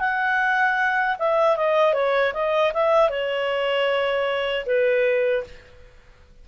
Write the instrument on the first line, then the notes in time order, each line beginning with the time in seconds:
clarinet
0.00 F#5
1.19 E5
1.57 D#5
1.94 C#5
2.34 D#5
2.74 E5
3.10 C#5
4.66 B4